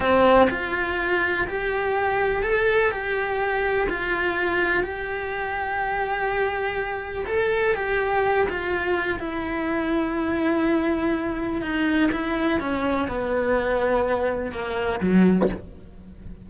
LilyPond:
\new Staff \with { instrumentName = "cello" } { \time 4/4 \tempo 4 = 124 c'4 f'2 g'4~ | g'4 a'4 g'2 | f'2 g'2~ | g'2. a'4 |
g'4. f'4. e'4~ | e'1 | dis'4 e'4 cis'4 b4~ | b2 ais4 fis4 | }